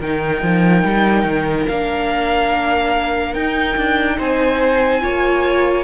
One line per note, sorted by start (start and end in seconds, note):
0.00 0.42 D#3
0.00 1.69 D#4
0.00 4.17 A#4
0.00 1.68 G5
0.42 0.84 F3
0.85 1.24 G3
1.24 1.66 D#3
1.68 3.35 A#3
1.68 3.37 D4
1.68 3.35 F5
3.35 3.77 D#4
3.35 5.01 D#4
3.35 4.18 G5
3.77 4.19 D4
4.18 5.03 C4
4.18 5.01 C5
4.18 5.84 G#5
5.01 5.84 A#3
5.01 5.84 F4
5.01 5.84 C#5